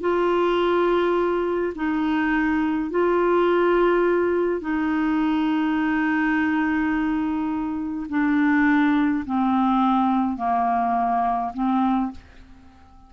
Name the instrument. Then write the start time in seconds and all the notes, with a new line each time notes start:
clarinet
0.00 F4
1.75 D#4
2.90 F4
4.60 D#4
8.09 D4
9.25 C4
10.37 A#3
11.53 C4